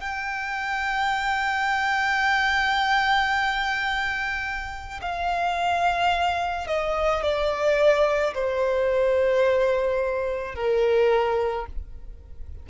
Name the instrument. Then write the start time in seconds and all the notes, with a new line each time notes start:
violin
0.00 G5
5.01 F5
6.67 D#5
7.22 D5
8.34 C5
10.55 A#4